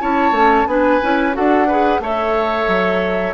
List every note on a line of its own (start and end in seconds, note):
0.00 0.31 C#4
0.00 0.33 E4
0.00 0.68 C#5
0.00 0.67 A5
0.31 0.64 A3
0.31 0.67 C#4
0.67 1.00 B3
0.67 1.01 D4
0.67 1.36 B4
0.67 1.34 G#5
1.02 1.37 C#4
1.02 1.33 E4
1.33 2.00 D4
1.33 1.66 F#4
1.33 1.67 A4
1.33 2.02 F#5
1.67 2.02 G#4
1.67 2.00 B4
2.00 2.66 A3
2.00 3.34 A4
2.00 3.34 C#5
2.00 3.34 E5
2.68 3.34 F#3